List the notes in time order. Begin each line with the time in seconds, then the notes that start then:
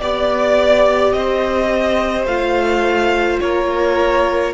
0.00 B3 G4 D5
1.12 C4 C5 D#5
2.25 A3 F4 F5
3.40 A#3 A#4 C#5